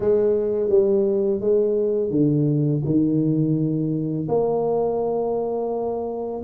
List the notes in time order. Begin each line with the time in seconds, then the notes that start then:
0.00 G#3
0.69 G3
1.40 G#3
2.10 D3
2.84 D#3
4.28 A#3